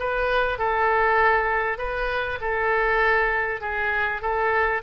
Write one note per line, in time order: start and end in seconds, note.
0.00 0.59 B4
0.59 1.79 A4
1.79 2.39 B4
2.41 3.61 A4
3.61 4.22 G#4
4.22 4.83 A4